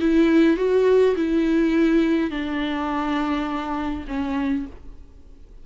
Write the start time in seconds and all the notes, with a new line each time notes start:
0.00 E4
0.57 F#4
1.16 E4
2.30 D4
4.08 C#4